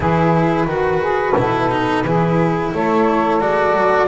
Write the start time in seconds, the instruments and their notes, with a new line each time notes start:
0.00 double bass E3, cello E4, saxophone G#4, flute B4
0.65 double bass D#3, cello F#4, saxophone F#4
1.00 saxophone G#4
1.36 double bass B2, cello E4, saxophone A4
1.71 cello D#4
2.04 double bass E3, cello E4, saxophone G#4
2.72 double bass A3, saxophone A4, flute C#5
3.40 double bass G#3, cello F#4, flute D5
3.74 double bass F#3